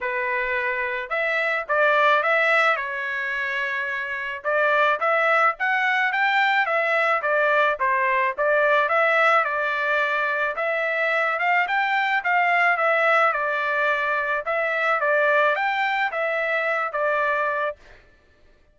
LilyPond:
\new Staff \with { instrumentName = "trumpet" } { \time 4/4 \tempo 4 = 108 b'2 e''4 d''4 | e''4 cis''2. | d''4 e''4 fis''4 g''4 | e''4 d''4 c''4 d''4 |
e''4 d''2 e''4~ | e''8 f''8 g''4 f''4 e''4 | d''2 e''4 d''4 | g''4 e''4. d''4. | }